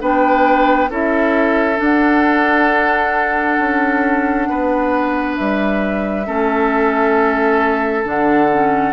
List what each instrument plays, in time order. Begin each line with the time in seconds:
0.00 bassoon B3, clarinet D4, oboe B4, flute G5
0.90 bassoon C#4, clarinet E4, oboe A4, flute E5
1.75 clarinet D4, bassoon D4, flute F#5
3.59 bassoon C#4
4.49 bassoon B3, oboe B4
5.37 bassoon G3, flute E5
6.26 bassoon A3, clarinet C#4, oboe A4
8.04 bassoon D3, clarinet D4, flute F#5
8.52 clarinet C#4